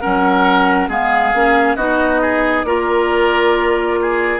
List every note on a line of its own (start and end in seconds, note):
0.00 0.88 F#3
0.00 0.89 C#4
0.00 0.88 A#4
0.00 0.88 F#5
0.88 1.32 G#3
0.88 1.33 B3
0.88 1.76 G#4
0.88 1.76 F5
1.34 1.76 A#3
1.34 1.78 C#4
1.76 2.64 B3
1.76 2.66 D#4
1.76 2.20 F#4
1.76 2.63 D#5
2.22 2.66 G#4
2.63 4.40 A#3
2.63 4.40 F4
2.63 3.99 A#4
2.63 4.40 D5
4.01 4.40 G#4